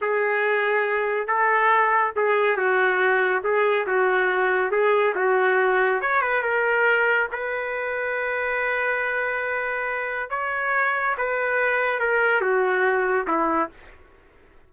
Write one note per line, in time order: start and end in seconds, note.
0.01 1.27 G#4
1.27 2.12 A4
2.16 2.56 G#4
2.56 3.42 F#4
3.43 3.86 G#4
3.86 4.71 F#4
4.71 5.14 G#4
5.15 6.01 F#4
6.01 6.21 C#5
6.21 6.42 B4
6.42 7.28 A#4
7.31 10.30 B4
10.30 11.15 C#5
11.17 11.99 B4
11.99 12.41 A#4
12.41 13.26 F#4
13.27 13.70 E4